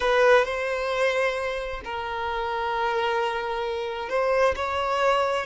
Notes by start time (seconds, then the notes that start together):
0.00 B4
0.44 C5
1.84 A#4
4.09 C5
4.55 C#5